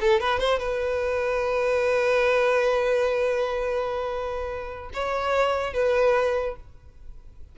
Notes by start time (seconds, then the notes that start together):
0.00 A4
0.20 B4
0.39 C5
0.59 B4
4.93 C#5
5.73 B4